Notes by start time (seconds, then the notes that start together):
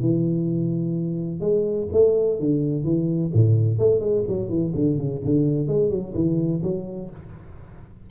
0.00 E3
1.40 G#3
1.92 A3
2.39 D3
2.83 E3
3.33 A2
3.79 A3
4.00 G#3
4.28 F#3
4.49 E3
4.75 D3
4.98 C#3
5.24 D3
5.68 G#3
5.90 F#3
6.14 E3
6.62 F#3